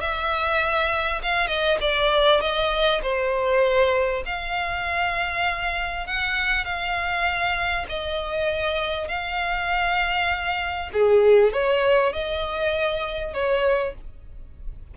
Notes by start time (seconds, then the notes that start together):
0.00 E5
1.22 F5
1.47 D#5
1.80 D5
2.40 D#5
3.02 C5
4.25 F5
6.07 F#5
6.64 F5
7.88 D#5
9.08 F5
10.93 G#4
11.52 C#5
12.12 D#5
13.33 C#5